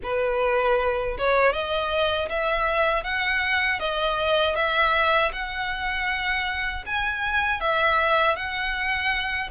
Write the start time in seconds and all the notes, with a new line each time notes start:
0.03 B4
1.17 C#5
1.53 D#5
2.29 E5
3.03 F#5
3.79 D#5
4.55 E5
5.32 F#5
6.86 G#5
7.60 E5
8.35 F#5